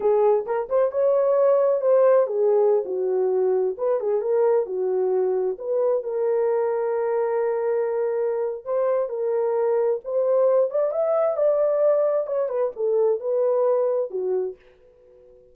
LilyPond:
\new Staff \with { instrumentName = "horn" } { \time 4/4 \tempo 4 = 132 gis'4 ais'8 c''8 cis''2 | c''4 gis'4~ gis'16 fis'4.~ fis'16~ | fis'16 b'8 gis'8 ais'4 fis'4.~ fis'16~ | fis'16 b'4 ais'2~ ais'8.~ |
ais'2. c''4 | ais'2 c''4. d''8 | e''4 d''2 cis''8 b'8 | a'4 b'2 fis'4 | }